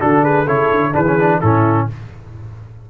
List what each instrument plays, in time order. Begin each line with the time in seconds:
0.00 tuba D3, trombone D4, horn F#4, trumpet A4
0.23 horn G#4, trumpet B4
0.46 tuba C#3, trombone E4, horn A4, trumpet C#5
0.71 tuba D3
0.93 tuba E3, trombone D4, horn G#4, trumpet B4
1.07 trombone C#4
1.20 trombone D4
1.41 tuba A2, trombone C#4, horn E4, trumpet A4